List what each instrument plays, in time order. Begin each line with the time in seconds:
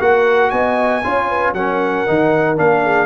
0.00 tuba A#3, trombone F#4, horn A#4, trumpet F#5
0.50 tuba B3, horn D#5, trumpet G#5
1.04 tuba C#4, trombone F4, horn C#5
1.29 horn B4
1.53 tuba F#3, trombone C#4, horn A#4, trumpet F#5
2.07 tuba D#3, trombone D#4
2.57 tuba A#3, trombone D4, trumpet F5
2.83 horn G#4